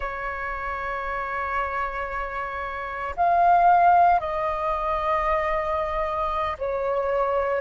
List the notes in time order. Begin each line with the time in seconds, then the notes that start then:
0.00 C#5
3.16 F5
4.20 D#5
6.58 C#5